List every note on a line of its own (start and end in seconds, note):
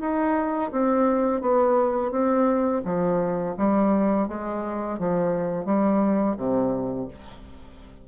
0.00 0.71 D#4
0.72 1.41 C4
1.41 2.11 B3
2.11 2.82 C4
2.85 3.56 F3
3.57 4.28 G3
4.28 4.99 G#3
4.99 5.65 F3
5.65 6.36 G3
6.37 7.08 C3